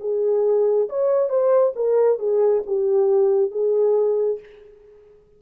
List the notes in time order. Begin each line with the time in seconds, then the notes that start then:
0.00 G#4
0.89 C#5
1.29 C5
1.75 A#4
2.19 G#4
2.67 G4
3.51 G#4